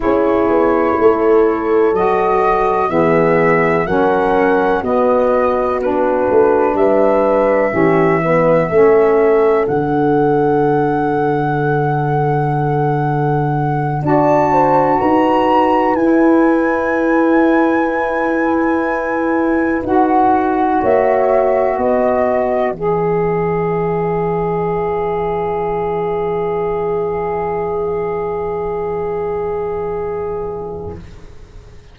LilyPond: <<
  \new Staff \with { instrumentName = "flute" } { \time 4/4 \tempo 4 = 62 cis''2 dis''4 e''4 | fis''4 dis''4 b'4 e''4~ | e''2 fis''2~ | fis''2~ fis''8 a''4 ais''8~ |
ais''8 gis''2.~ gis''8~ | gis''8 fis''4 e''4 dis''4 e''8~ | e''1~ | e''1 | }
  \new Staff \with { instrumentName = "horn" } { \time 4/4 gis'4 a'2 gis'4 | ais'4 fis'2 b'4 | g'8 b'8 a'2.~ | a'2~ a'8 d''8 c''8 b'8~ |
b'1~ | b'4. cis''4 b'4.~ | b'1~ | b'1 | }
  \new Staff \with { instrumentName = "saxophone" } { \time 4/4 e'2 fis'4 b4 | cis'4 b4 d'2 | cis'8 b8 cis'4 d'2~ | d'2~ d'8 fis'4.~ |
fis'8 e'2.~ e'8~ | e'8 fis'2. gis'8~ | gis'1~ | gis'1 | }
  \new Staff \with { instrumentName = "tuba" } { \time 4/4 cis'8 b8 a4 fis4 e4 | fis4 b4. a8 g4 | e4 a4 d2~ | d2~ d8 d'4 dis'8~ |
dis'8 e'2.~ e'8~ | e'8 dis'4 ais4 b4 e8~ | e1~ | e1 | }
>>